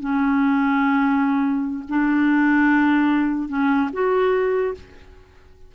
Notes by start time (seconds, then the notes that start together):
0.00 C#4
1.89 D4
3.49 C#4
3.93 F#4